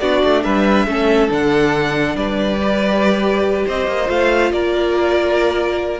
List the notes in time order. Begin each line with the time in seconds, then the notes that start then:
0.00 B3 D4 F#4 D5
0.24 A3
0.44 G3 B4 E5
0.87 A3 C#4 A4
1.29 D3 D4 F#5
2.16 G3 B4 D5
2.63 G4
3.67 C4 C5 D#5
3.87 A#3
4.06 A3 F4 F5
4.52 A#3 A#4 D5